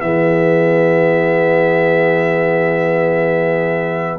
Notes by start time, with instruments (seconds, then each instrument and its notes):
0.00 tuba E3, trombone B3, horn G#4, trumpet E5